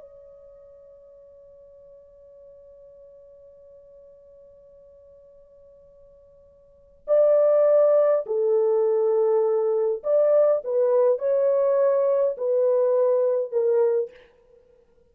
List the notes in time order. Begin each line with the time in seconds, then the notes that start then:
0.00 C#5
7.08 D5
8.26 A4
10.04 D5
10.64 B4
11.19 C#5
12.38 B4
13.52 A#4